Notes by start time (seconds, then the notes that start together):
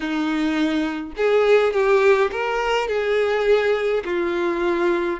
0.00 D#4
1.16 G#4
1.73 G4
2.31 A#4
2.88 G#4
4.04 F4